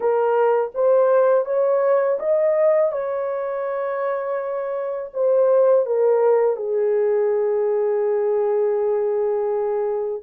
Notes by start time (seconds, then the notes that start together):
0.00 A#4
0.74 C5
1.45 C#5
2.19 D#5
2.92 C#5
5.13 C5
5.86 A#4
6.56 G#4